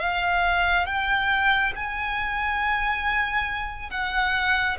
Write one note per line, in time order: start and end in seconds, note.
0.00 0.86 F5
0.86 1.73 G5
1.76 3.91 G#5
3.91 4.77 F#5